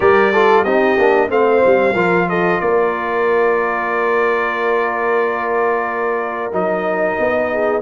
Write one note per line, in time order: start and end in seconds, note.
0.00 0.64 G3
0.00 0.33 G4
0.00 0.32 A#4
0.00 0.64 D5
0.32 0.66 F4
0.32 0.63 A4
0.63 0.97 C4
0.63 0.98 D#4
0.63 1.28 G4
0.63 1.29 D#5
0.98 1.30 A#3
0.98 1.28 D4
1.28 1.62 A3
1.28 1.93 C4
1.28 1.94 C5
1.28 2.29 F5
1.65 1.94 G3
1.94 2.59 F3
1.94 6.51 F4
1.94 2.26 A#4
2.29 2.61 A4
2.29 2.60 D#5
2.60 6.52 A#3
2.60 7.51 A#4
2.60 6.51 D5
6.51 7.17 F#3
6.51 7.81 D#4
6.51 7.81 D#5
7.19 7.81 B3
7.52 7.81 G#4